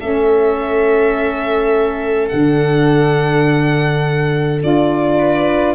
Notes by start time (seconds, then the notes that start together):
0.00 A3 C#4 A4 E5
2.29 D3 D4 F#5
4.61 D4 F4 D5
5.19 B4